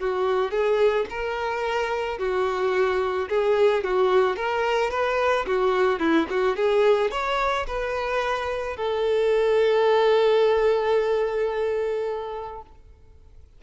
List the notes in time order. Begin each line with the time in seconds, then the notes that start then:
0.00 F#4
0.51 G#4
1.10 A#4
2.19 F#4
3.29 G#4
3.84 F#4
4.36 A#4
4.91 B4
5.47 F#4
5.99 E4
6.30 F#4
6.56 G#4
7.11 C#5
7.67 B4
8.77 A4